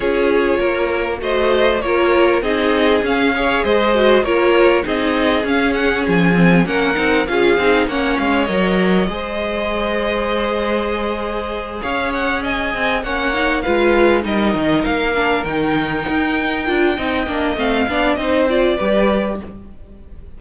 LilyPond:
<<
  \new Staff \with { instrumentName = "violin" } { \time 4/4 \tempo 4 = 99 cis''2 dis''4 cis''4 | dis''4 f''4 dis''4 cis''4 | dis''4 f''8 fis''8 gis''4 fis''4 | f''4 fis''8 f''8 dis''2~ |
dis''2.~ dis''8 f''8 | fis''8 gis''4 fis''4 f''4 dis''8~ | dis''8 f''4 g''2~ g''8~ | g''4 f''4 dis''8 d''4. | }
  \new Staff \with { instrumentName = "violin" } { \time 4/4 gis'4 ais'4 c''4 ais'4 | gis'4. cis''8 c''4 ais'4 | gis'2. ais'4 | gis'4 cis''2 c''4~ |
c''2.~ c''8 cis''8~ | cis''8 dis''4 cis''4 b'4 ais'8~ | ais'1 | dis''4. d''8 c''4 b'4 | }
  \new Staff \with { instrumentName = "viola" } { \time 4/4 f'2 fis'4 f'4 | dis'4 cis'8 gis'4 fis'8 f'4 | dis'4 cis'4. c'8 cis'8 dis'8 | f'8 dis'8 cis'4 ais'4 gis'4~ |
gis'1~ | gis'4. cis'8 dis'8 f'4 dis'8~ | dis'4 d'8 dis'2 f'8 | dis'8 d'8 c'8 d'8 dis'8 f'8 g'4 | }
  \new Staff \with { instrumentName = "cello" } { \time 4/4 cis'4 ais4 a4 ais4 | c'4 cis'4 gis4 ais4 | c'4 cis'4 f4 ais8 c'8 | cis'8 c'8 ais8 gis8 fis4 gis4~ |
gis2.~ gis8 cis'8~ | cis'4 c'8 ais4 gis4 g8 | dis8 ais4 dis4 dis'4 d'8 | c'8 ais8 a8 b8 c'4 g4 | }
>>